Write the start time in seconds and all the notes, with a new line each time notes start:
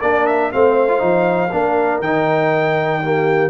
0.00 A#3 D4 A#4 D5
0.26 E5
0.52 A3 C4 C5 F5
0.88 F4
0.99 F3 D#4
1.52 A#3 D4 A#4
1.99 D#3 D#4 G5
3.02 A#3 G4